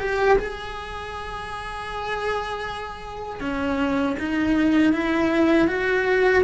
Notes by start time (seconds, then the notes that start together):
0.00 G4
0.38 G#4
3.41 C#4
4.19 D#4
4.93 E4
5.68 F#4